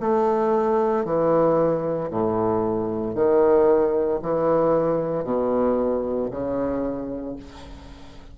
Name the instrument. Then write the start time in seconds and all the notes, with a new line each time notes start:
bassoon
0.00 A3
1.05 E3
2.11 A2
3.15 D#3
4.22 E3
5.24 B2
6.31 C#3